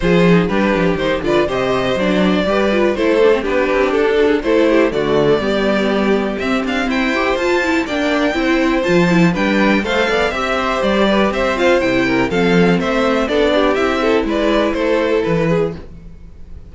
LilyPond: <<
  \new Staff \with { instrumentName = "violin" } { \time 4/4 \tempo 4 = 122 c''4 b'4 c''8 d''8 dis''4 | d''2 c''4 b'4 | a'4 c''4 d''2~ | d''4 e''8 f''8 g''4 a''4 |
g''2 a''4 g''4 | f''4 e''4 d''4 e''8 f''8 | g''4 f''4 e''4 d''4 | e''4 d''4 c''4 b'4 | }
  \new Staff \with { instrumentName = "violin" } { \time 4/4 gis'4 g'4. b'8 c''4~ | c''4 b'4 a'4 g'4~ | g'8 fis'16 gis'16 a'8 g'8 fis'4 g'4~ | g'2 c''2 |
d''4 c''2 b'4 | c''8 d''8 e''8 c''4 b'8 c''4~ | c''8 ais'8 a'4 c''4 a'8 g'8~ | g'8 a'8 b'4 a'4. gis'8 | }
  \new Staff \with { instrumentName = "viola" } { \time 4/4 f'8 dis'8 d'4 dis'8 f'8 g'4 | d'4 g'8 f'8 e'8 d'16 c'16 d'4~ | d'4 e'4 a4 b4~ | b4 c'4. g'8 f'8 e'8 |
d'4 e'4 f'8 e'8 d'4 | a'4 g'2~ g'8 f'8 | e'4 c'2 d'4 | e'1 | }
  \new Staff \with { instrumentName = "cello" } { \time 4/4 f4 g8 f8 dis8 d8 c4 | fis4 g4 a4 b8 c'8 | d'4 a4 d4 g4~ | g4 c'8 d'8 e'4 f'4 |
ais4 c'4 f4 g4 | a8 b8 c'4 g4 c'4 | c4 f4 a4 b4 | c'4 gis4 a4 e4 | }
>>